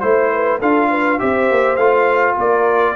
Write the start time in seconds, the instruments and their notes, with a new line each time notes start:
0.00 tuba A3, trombone E4, trumpet C5, horn C5
0.33 horn B4
0.59 tuba D4, trombone F4, horn A4, trumpet F5
0.91 horn B4
1.19 tuba C4, trombone G4, horn C5, trumpet E5
1.51 tuba A#3
1.76 tuba A3, trombone F4, trumpet F5
2.36 tuba A#3, horn A#4, trumpet D5